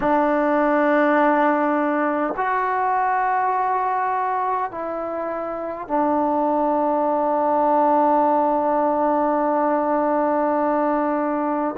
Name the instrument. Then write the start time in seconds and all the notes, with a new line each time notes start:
trombone
0.00 D4
2.36 F#4
4.71 E4
5.87 D4